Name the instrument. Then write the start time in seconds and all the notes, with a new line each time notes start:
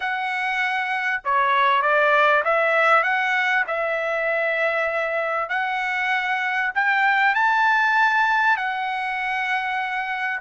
trumpet
0.00 F#5
1.24 C#5
1.82 D5
2.44 E5
3.03 F#5
3.67 E5
5.49 F#5
6.74 G5
7.34 A5
8.56 F#5